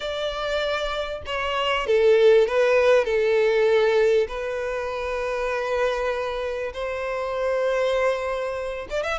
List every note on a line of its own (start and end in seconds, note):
0.00 1.22 D5
1.26 1.86 C#5
1.86 2.47 A4
2.47 3.04 B4
3.04 4.27 A4
4.27 6.72 B4
6.73 8.87 C5
8.90 9.03 D5
9.03 9.18 E5